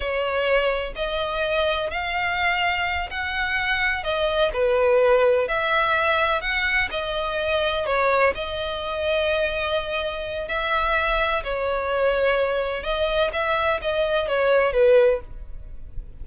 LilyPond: \new Staff \with { instrumentName = "violin" } { \time 4/4 \tempo 4 = 126 cis''2 dis''2 | f''2~ f''8 fis''4.~ | fis''8 dis''4 b'2 e''8~ | e''4. fis''4 dis''4.~ |
dis''8 cis''4 dis''2~ dis''8~ | dis''2 e''2 | cis''2. dis''4 | e''4 dis''4 cis''4 b'4 | }